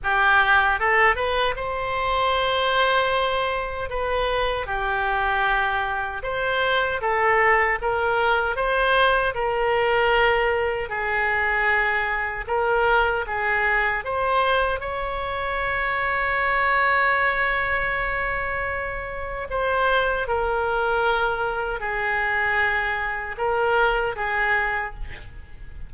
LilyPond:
\new Staff \with { instrumentName = "oboe" } { \time 4/4 \tempo 4 = 77 g'4 a'8 b'8 c''2~ | c''4 b'4 g'2 | c''4 a'4 ais'4 c''4 | ais'2 gis'2 |
ais'4 gis'4 c''4 cis''4~ | cis''1~ | cis''4 c''4 ais'2 | gis'2 ais'4 gis'4 | }